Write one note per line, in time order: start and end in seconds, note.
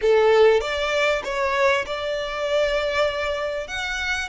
0.01 0.61 A4
0.61 1.22 D5
1.24 1.85 C#5
1.85 3.67 D5
3.67 4.29 F#5